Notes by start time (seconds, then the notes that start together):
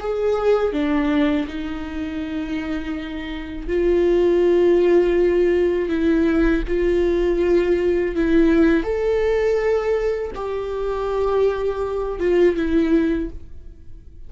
0.00 G#4
0.72 D4
1.47 D#4
3.67 F4
5.89 E4
6.67 F4
8.15 E4
8.83 A4
10.35 G4
12.19 F4
12.56 E4